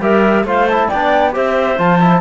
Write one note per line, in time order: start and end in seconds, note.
0.00 0.44 G3
0.00 0.46 G4
0.00 0.46 A#4
0.00 0.46 E5
0.44 0.88 A3
0.44 0.68 F4
0.44 0.87 C5
0.44 0.68 F5
0.68 0.93 E4
0.68 0.89 A5
0.87 1.32 D5
0.87 1.34 G5
0.94 1.36 B3
0.94 1.33 D4
1.33 1.79 C4
1.33 1.77 G4
1.33 2.20 C5
1.33 1.79 E5
1.78 2.20 F3
1.78 2.00 F4
1.78 2.20 A5
2.01 2.20 E4